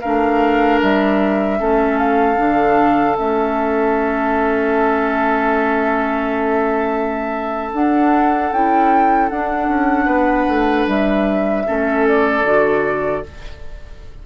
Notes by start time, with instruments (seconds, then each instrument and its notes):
0.00 bassoon A3, clarinet D4, oboe A#4, flute F5
0.82 bassoon G3, flute E5
1.59 bassoon A3, clarinet C#4, oboe A4
1.98 flute F5
2.36 bassoon D3, clarinet D4
3.16 bassoon A3, clarinet C#4, flute E5
7.72 bassoon D4, clarinet D4, flute F#5
8.51 bassoon C#4, clarinet E4, flute G5
9.29 bassoon D4, clarinet D4, flute F#5
9.67 bassoon C#4
10.05 bassoon B3, oboe B4
10.48 bassoon A3
10.87 bassoon G3, flute E5
11.65 bassoon A3, clarinet C#4, oboe A4
12.07 flute D5
12.43 bassoon D3, clarinet F#4